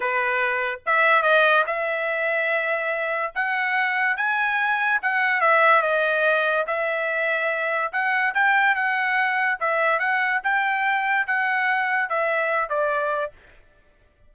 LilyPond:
\new Staff \with { instrumentName = "trumpet" } { \time 4/4 \tempo 4 = 144 b'2 e''4 dis''4 | e''1 | fis''2 gis''2 | fis''4 e''4 dis''2 |
e''2. fis''4 | g''4 fis''2 e''4 | fis''4 g''2 fis''4~ | fis''4 e''4. d''4. | }